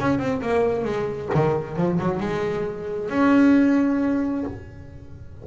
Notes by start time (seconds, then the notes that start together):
0.00 C#4
0.19 C4
0.42 A#3
0.85 G#3
1.35 D#3
1.77 F3
2.00 F#3
2.20 G#3
3.10 C#4